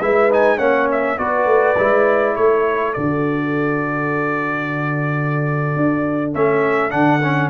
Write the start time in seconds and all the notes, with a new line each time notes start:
0.00 G#3 E4 B4 E5
0.31 D#4 G#5
0.56 A#3 C#4 C#5 F#5
0.91 E5
1.17 B3 F#4 B4 D5
1.45 A3
1.77 G#3 E4
2.35 A3 A4 C#5
2.93 D3 F#4 D5
5.76 D4
6.33 A3 C#4 E5
6.90 D3 D4 F#5
7.22 C#4